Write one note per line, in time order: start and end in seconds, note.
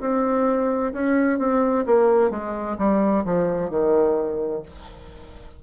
0.00 0.92 C4
0.93 1.38 C#4
1.38 1.85 C4
1.85 2.30 A#3
2.30 2.77 G#3
2.78 3.24 G3
3.25 3.70 F3
3.70 4.62 D#3